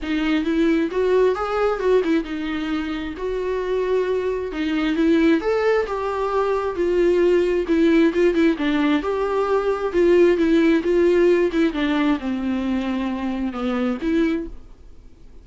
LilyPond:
\new Staff \with { instrumentName = "viola" } { \time 4/4 \tempo 4 = 133 dis'4 e'4 fis'4 gis'4 | fis'8 e'8 dis'2 fis'4~ | fis'2 dis'4 e'4 | a'4 g'2 f'4~ |
f'4 e'4 f'8 e'8 d'4 | g'2 f'4 e'4 | f'4. e'8 d'4 c'4~ | c'2 b4 e'4 | }